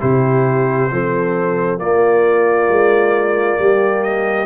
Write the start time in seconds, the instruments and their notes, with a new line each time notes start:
0.00 tuba C3, trombone E4, horn G4, trumpet C5
0.90 tuba F3, trombone C4, horn A4
1.78 tuba A#3, trombone A#3, horn F4, trumpet D5
2.68 tuba G#3
3.58 tuba G3, horn G4
4.03 trumpet D#5